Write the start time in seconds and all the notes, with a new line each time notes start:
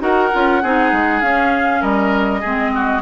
0.00 D#4 F#4 A#4 F#5
0.33 C#4 F4
0.63 C4 D#4 G#4
0.93 G#3
1.22 C#4 F5
1.81 G3 A#4 D#5
2.41 G#3 C4 G#4
2.75 F#4